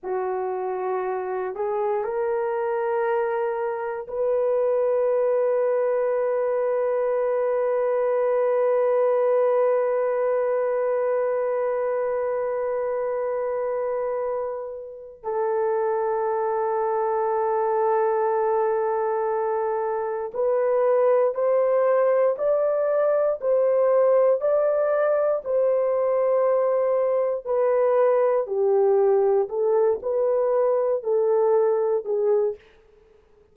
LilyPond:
\new Staff \with { instrumentName = "horn" } { \time 4/4 \tempo 4 = 59 fis'4. gis'8 ais'2 | b'1~ | b'1~ | b'2. a'4~ |
a'1 | b'4 c''4 d''4 c''4 | d''4 c''2 b'4 | g'4 a'8 b'4 a'4 gis'8 | }